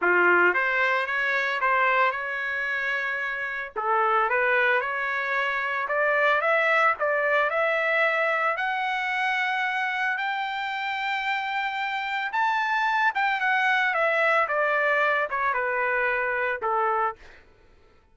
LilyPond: \new Staff \with { instrumentName = "trumpet" } { \time 4/4 \tempo 4 = 112 f'4 c''4 cis''4 c''4 | cis''2. a'4 | b'4 cis''2 d''4 | e''4 d''4 e''2 |
fis''2. g''4~ | g''2. a''4~ | a''8 g''8 fis''4 e''4 d''4~ | d''8 cis''8 b'2 a'4 | }